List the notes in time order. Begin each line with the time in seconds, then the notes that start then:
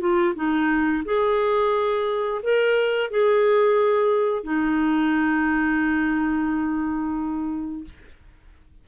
0.00 F4
0.35 D#4
1.05 G#4
2.43 A#4
3.10 G#4
4.44 D#4